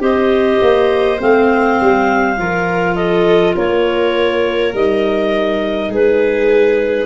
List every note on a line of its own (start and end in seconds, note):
0.00 0.59 C4
0.00 1.18 G4
0.00 2.39 C5
0.00 1.21 D#5
0.61 1.20 A#3
1.19 1.80 A3
1.19 2.37 C4
1.19 2.96 F5
1.81 2.38 G3
2.37 3.56 F3
2.37 4.72 F4
2.37 2.96 A#4
2.96 3.55 A4
2.96 3.55 D#5
3.56 4.74 A#3
3.56 5.90 A#4
3.56 4.75 C#5
4.72 5.89 G3
4.72 7.06 D#4
4.72 5.93 D#5
5.89 7.06 G#3
5.89 7.06 G#4
5.89 7.06 B4